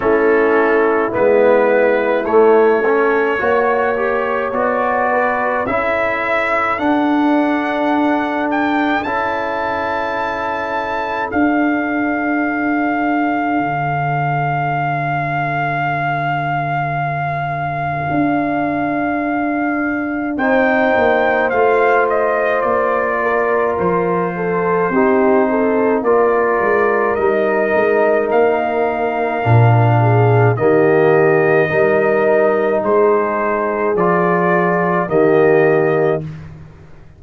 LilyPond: <<
  \new Staff \with { instrumentName = "trumpet" } { \time 4/4 \tempo 4 = 53 a'4 b'4 cis''2 | d''4 e''4 fis''4. g''8 | a''2 f''2~ | f''1~ |
f''2 g''4 f''8 dis''8 | d''4 c''2 d''4 | dis''4 f''2 dis''4~ | dis''4 c''4 d''4 dis''4 | }
  \new Staff \with { instrumentName = "horn" } { \time 4/4 e'2~ e'8 a'8 cis''4~ | cis''8 b'8 a'2.~ | a'1~ | a'1~ |
a'2 c''2~ | c''8 ais'4 a'8 g'8 a'8 ais'4~ | ais'2~ ais'8 gis'8 g'4 | ais'4 gis'2 g'4 | }
  \new Staff \with { instrumentName = "trombone" } { \time 4/4 cis'4 b4 a8 cis'8 fis'8 g'8 | fis'4 e'4 d'2 | e'2 d'2~ | d'1~ |
d'2 dis'4 f'4~ | f'2 dis'4 f'4 | dis'2 d'4 ais4 | dis'2 f'4 ais4 | }
  \new Staff \with { instrumentName = "tuba" } { \time 4/4 a4 gis4 a4 ais4 | b4 cis'4 d'2 | cis'2 d'2 | d1 |
d'2 c'8 ais8 a4 | ais4 f4 c'4 ais8 gis8 | g8 gis8 ais4 ais,4 dis4 | g4 gis4 f4 dis4 | }
>>